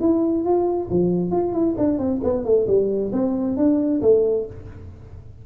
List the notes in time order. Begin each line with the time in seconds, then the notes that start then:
0.00 E4
0.44 F4
0.90 F3
1.31 F4
1.53 E4
1.77 D4
1.98 C4
2.23 B3
2.44 A3
2.67 G3
3.12 C4
3.56 D4
4.01 A3